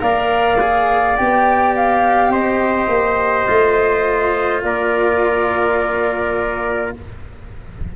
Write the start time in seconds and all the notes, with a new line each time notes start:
0.00 A#3 A#4 D5 F5
0.61 G#4
1.16 B3 G4 G5
1.76 F5
2.30 C4 C5 D#5
2.88 A#3
3.47 A3 F4
4.63 A#3 A#4 D5